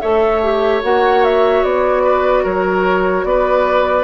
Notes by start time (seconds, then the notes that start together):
0.00 A3 A4 C#5 E5
0.42 G4
0.82 A#3 F#4 F#5
1.24 E5
1.63 B3 D5
2.03 B4
2.43 F#3 A#4 C#5
3.23 B3 B4 D5